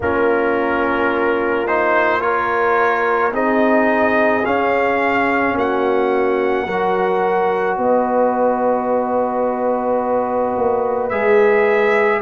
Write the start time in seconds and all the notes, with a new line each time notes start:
0.00 A#3 C#4 F4 A#4
1.67 D#4 C5
2.20 F4 A#4 C#5
3.31 C4 D#4 G#4 D#5
4.44 C#4 F5
5.54 A#3 F#4 F#5
6.65 F#3 F#4 A#4
7.77 B3 B4 D#5
10.56 A#3
11.09 G#3 G#4 E5